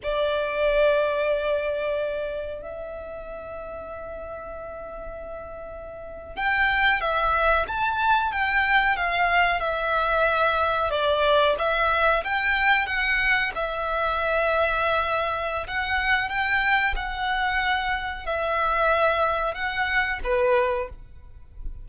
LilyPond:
\new Staff \with { instrumentName = "violin" } { \time 4/4 \tempo 4 = 92 d''1 | e''1~ | e''4.~ e''16 g''4 e''4 a''16~ | a''8. g''4 f''4 e''4~ e''16~ |
e''8. d''4 e''4 g''4 fis''16~ | fis''8. e''2.~ e''16 | fis''4 g''4 fis''2 | e''2 fis''4 b'4 | }